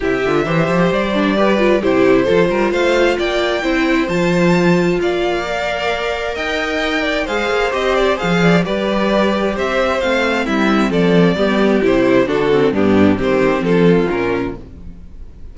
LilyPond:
<<
  \new Staff \with { instrumentName = "violin" } { \time 4/4 \tempo 4 = 132 e''2 d''2 | c''2 f''4 g''4~ | g''4 a''2 f''4~ | f''2 g''2 |
f''4 dis''8 d''8 f''4 d''4~ | d''4 e''4 f''4 e''4 | d''2 c''4 a'4 | g'4 c''4 a'4 ais'4 | }
  \new Staff \with { instrumentName = "violin" } { \time 4/4 g'4 c''2 b'4 | g'4 a'8 ais'8 c''4 d''4 | c''2. d''4~ | d''2 dis''4. d''8 |
c''2~ c''8 d''8 b'4~ | b'4 c''2 e'4 | a'4 g'2 fis'4 | d'4 g'4 f'2 | }
  \new Staff \with { instrumentName = "viola" } { \time 4/4 e'8 f'8 g'4. d'8 g'8 f'8 | e'4 f'2. | e'4 f'2. | ais'1 |
gis'4 g'4 gis'4 g'4~ | g'2 c'2~ | c'4 b4 e'4 d'8 c'8 | b4 c'2 cis'4 | }
  \new Staff \with { instrumentName = "cello" } { \time 4/4 c8 d8 e8 f8 g2 | c4 f8 g8 a4 ais4 | c'4 f2 ais4~ | ais2 dis'2 |
gis8 ais8 c'4 f4 g4~ | g4 c'4 a4 g4 | f4 g4 c4 d4 | g,4 dis4 f4 ais,4 | }
>>